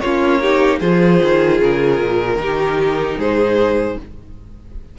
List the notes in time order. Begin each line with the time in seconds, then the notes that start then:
0.00 A#3 C#4 F4 C#5
0.42 D#4 G4
0.79 F3 F4 G#4 C5
1.23 D#3
1.61 C#3 A#4
2.00 A#2
2.36 D#3 D#4 G4
3.18 G#2 G#4 C5